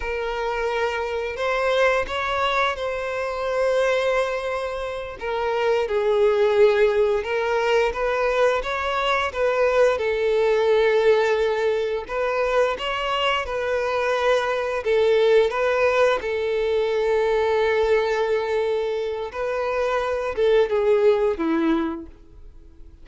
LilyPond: \new Staff \with { instrumentName = "violin" } { \time 4/4 \tempo 4 = 87 ais'2 c''4 cis''4 | c''2.~ c''8 ais'8~ | ais'8 gis'2 ais'4 b'8~ | b'8 cis''4 b'4 a'4.~ |
a'4. b'4 cis''4 b'8~ | b'4. a'4 b'4 a'8~ | a'1 | b'4. a'8 gis'4 e'4 | }